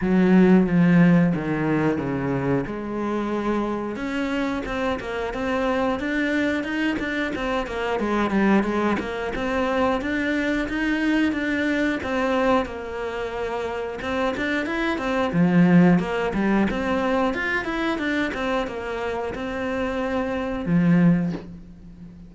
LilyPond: \new Staff \with { instrumentName = "cello" } { \time 4/4 \tempo 4 = 90 fis4 f4 dis4 cis4 | gis2 cis'4 c'8 ais8 | c'4 d'4 dis'8 d'8 c'8 ais8 | gis8 g8 gis8 ais8 c'4 d'4 |
dis'4 d'4 c'4 ais4~ | ais4 c'8 d'8 e'8 c'8 f4 | ais8 g8 c'4 f'8 e'8 d'8 c'8 | ais4 c'2 f4 | }